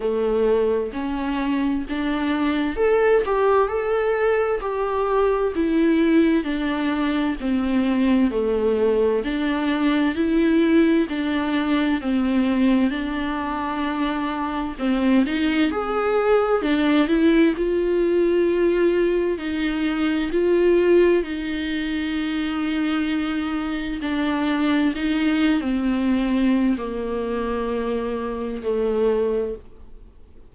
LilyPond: \new Staff \with { instrumentName = "viola" } { \time 4/4 \tempo 4 = 65 a4 cis'4 d'4 a'8 g'8 | a'4 g'4 e'4 d'4 | c'4 a4 d'4 e'4 | d'4 c'4 d'2 |
c'8 dis'8 gis'4 d'8 e'8 f'4~ | f'4 dis'4 f'4 dis'4~ | dis'2 d'4 dis'8. c'16~ | c'4 ais2 a4 | }